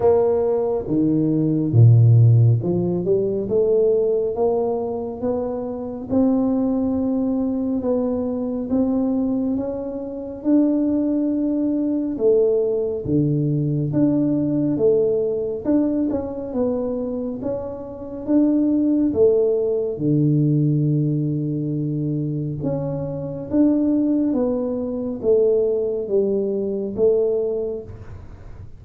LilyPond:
\new Staff \with { instrumentName = "tuba" } { \time 4/4 \tempo 4 = 69 ais4 dis4 ais,4 f8 g8 | a4 ais4 b4 c'4~ | c'4 b4 c'4 cis'4 | d'2 a4 d4 |
d'4 a4 d'8 cis'8 b4 | cis'4 d'4 a4 d4~ | d2 cis'4 d'4 | b4 a4 g4 a4 | }